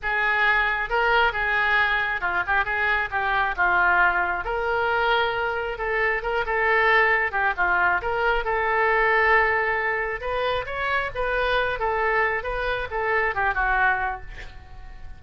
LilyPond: \new Staff \with { instrumentName = "oboe" } { \time 4/4 \tempo 4 = 135 gis'2 ais'4 gis'4~ | gis'4 f'8 g'8 gis'4 g'4 | f'2 ais'2~ | ais'4 a'4 ais'8 a'4.~ |
a'8 g'8 f'4 ais'4 a'4~ | a'2. b'4 | cis''4 b'4. a'4. | b'4 a'4 g'8 fis'4. | }